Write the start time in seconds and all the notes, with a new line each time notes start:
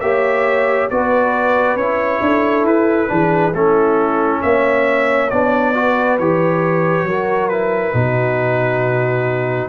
0.00 A#3 G4 C#5 E5
0.90 B3 F#4 B4 D5
1.76 C#4 E4 C#5
2.21 D4 A4
2.64 E4 B4
3.08 E3 D4 G#4
3.53 A3 C#4 E4 A4
4.42 A#3 C#5 E5
5.30 B3 D4 D5
5.74 F#4 B4
6.18 E3 G4 C#5
7.03 F#3 F#4 A#4
7.49 E4 B4
7.93 B2 D#4 F#4